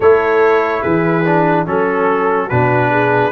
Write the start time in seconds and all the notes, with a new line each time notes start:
0.00 A3 E4 A4 C#5
0.81 E3 G#4 B4
1.25 D4
1.66 F#3 C#4 A4
2.48 B2 D4 F#4 B4
2.90 G#4